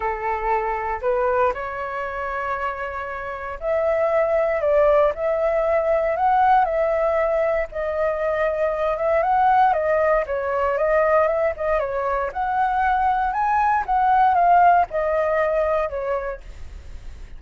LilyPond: \new Staff \with { instrumentName = "flute" } { \time 4/4 \tempo 4 = 117 a'2 b'4 cis''4~ | cis''2. e''4~ | e''4 d''4 e''2 | fis''4 e''2 dis''4~ |
dis''4. e''8 fis''4 dis''4 | cis''4 dis''4 e''8 dis''8 cis''4 | fis''2 gis''4 fis''4 | f''4 dis''2 cis''4 | }